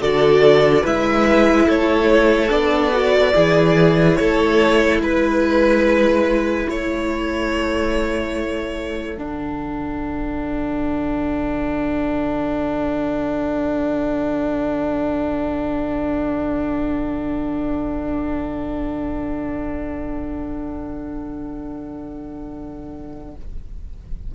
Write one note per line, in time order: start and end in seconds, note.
0.00 0.83 D3
0.00 0.85 F#4
0.00 0.82 A4
0.00 0.85 D5
0.82 1.67 G#3
0.82 2.49 E4
0.82 1.65 B4
0.82 1.69 E5
1.65 2.51 A3
1.65 3.32 A4
1.65 2.51 C#5
2.49 3.34 B3
2.49 2.91 D4
2.49 4.15 D5
2.92 3.33 F#4
3.33 4.19 E3
3.33 9.16 E4
3.33 4.18 G#4
4.15 5.00 A3
4.15 5.01 A4
4.15 4.99 C#5
5.00 6.66 G#3
5.00 6.69 B4
5.00 6.68 B4
6.68 9.17 A3
6.68 23.34 A4
6.68 9.18 C#5
9.17 23.34 D3
9.17 23.34 D4
9.17 23.34 F#5